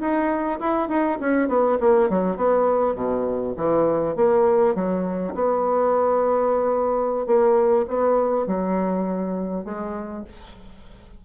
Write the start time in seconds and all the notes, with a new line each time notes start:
0.00 D#4
0.60 E4
0.89 D#4
1.20 C#4
1.48 B3
1.80 A#3
2.10 F#3
2.37 B3
2.95 B2
3.57 E3
4.16 A#3
4.75 F#3
5.34 B3
7.27 A#3
7.88 B3
8.47 F#3
9.65 G#3